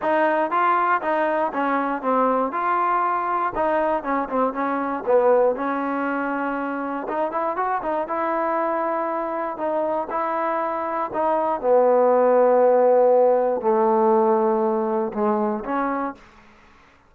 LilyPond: \new Staff \with { instrumentName = "trombone" } { \time 4/4 \tempo 4 = 119 dis'4 f'4 dis'4 cis'4 | c'4 f'2 dis'4 | cis'8 c'8 cis'4 b4 cis'4~ | cis'2 dis'8 e'8 fis'8 dis'8 |
e'2. dis'4 | e'2 dis'4 b4~ | b2. a4~ | a2 gis4 cis'4 | }